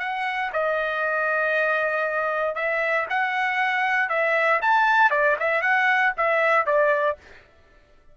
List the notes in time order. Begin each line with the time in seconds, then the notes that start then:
0.00 F#5
0.53 D#5
2.56 E5
3.10 F#5
4.10 E5
4.62 A5
5.11 D5
5.40 E5
5.62 F#5
6.18 E5
6.67 D5